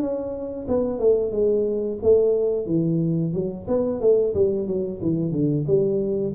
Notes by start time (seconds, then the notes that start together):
0.00 C#4
0.68 B3
0.99 A3
1.32 G#3
2.02 A3
2.67 E3
3.33 F#3
3.68 B3
4.01 A3
4.35 G3
4.67 F#3
5.02 E3
5.32 D3
5.67 G3